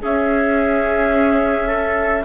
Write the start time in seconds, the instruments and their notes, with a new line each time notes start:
0.00 viola C#4, bassoon C#4, trumpet G#4, clarinet E5
1.67 trumpet A4